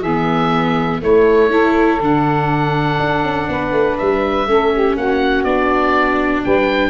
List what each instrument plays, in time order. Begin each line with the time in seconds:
0.00 tuba E3, saxophone G#4, oboe E5
0.06 viola B3
1.00 viola A3, tuba A3, saxophone E4, oboe C#5
1.50 viola E4, saxophone A4
2.00 tuba D3, viola D4, oboe F#5
2.99 tuba D4
3.23 tuba C#4
3.48 tuba B3, saxophone B4
3.71 tuba A3
3.98 tuba G3, oboe E5
4.46 tuba A3, viola C#4, saxophone A4
4.73 saxophone G4
4.96 tuba A#3, saxophone F#4, oboe F#5
5.43 tuba B3, viola D4, oboe D5
6.44 tuba G3, saxophone B4, oboe G5